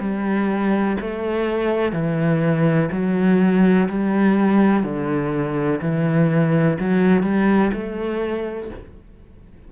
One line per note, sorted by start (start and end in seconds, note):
0.00 0.97 G3
1.00 1.92 A3
1.92 2.89 E3
2.92 3.88 F#3
3.88 4.83 G3
4.83 5.80 D3
5.81 6.78 E3
6.79 7.23 F#3
7.23 7.71 G3
7.73 8.70 A3